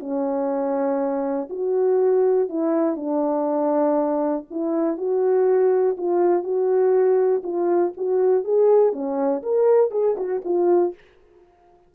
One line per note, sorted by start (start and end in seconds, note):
0.00 1.49 C#4
1.50 2.49 F#4
2.49 2.96 E4
2.96 4.45 D4
4.51 4.97 E4
4.97 5.97 F#4
5.98 6.43 F4
6.43 7.42 F#4
7.43 7.93 F4
7.97 8.44 F#4
8.44 8.93 G#4
8.93 9.42 C#4
9.43 9.91 A#4
9.91 10.16 G#4
10.17 10.42 F#4
10.45 10.94 F4